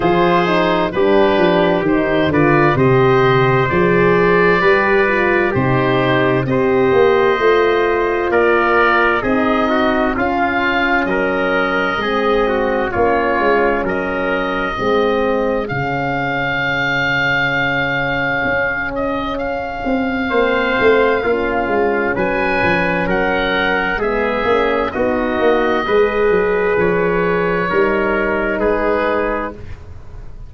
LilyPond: <<
  \new Staff \with { instrumentName = "oboe" } { \time 4/4 \tempo 4 = 65 c''4 b'4 c''8 d''8 dis''4 | d''2 c''4 dis''4~ | dis''4 d''4 dis''4 f''4 | dis''2 cis''4 dis''4~ |
dis''4 f''2.~ | f''8 dis''8 f''2. | gis''4 fis''4 e''4 dis''4~ | dis''4 cis''2 b'4 | }
  \new Staff \with { instrumentName = "trumpet" } { \time 4/4 gis'4 g'4. b'8 c''4~ | c''4 b'4 g'4 c''4~ | c''4 ais'4 gis'8 fis'8 f'4 | ais'4 gis'8 fis'8 f'4 ais'4 |
gis'1~ | gis'2 c''4 f'4 | b'4 ais'4 gis'4 fis'4 | b'2 ais'4 gis'4 | }
  \new Staff \with { instrumentName = "horn" } { \time 4/4 f'8 dis'8 d'4 dis'8 f'8 g'4 | gis'4 g'8 f'8 dis'4 g'4 | f'2 dis'4 cis'4~ | cis'4 c'4 cis'2 |
c'4 cis'2.~ | cis'2 c'4 cis'4~ | cis'2 b8 cis'8 dis'4 | gis'2 dis'2 | }
  \new Staff \with { instrumentName = "tuba" } { \time 4/4 f4 g8 f8 dis8 d8 c4 | f4 g4 c4 c'8 ais8 | a4 ais4 c'4 cis'4 | fis4 gis4 ais8 gis8 fis4 |
gis4 cis2. | cis'4. c'8 ais8 a8 ais8 gis8 | fis8 f8 fis4 gis8 ais8 b8 ais8 | gis8 fis8 f4 g4 gis4 | }
>>